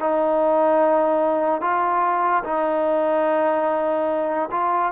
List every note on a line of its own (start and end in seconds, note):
0.00 1.61 D#4
1.61 2.43 F4
2.44 4.49 D#4
4.51 4.92 F4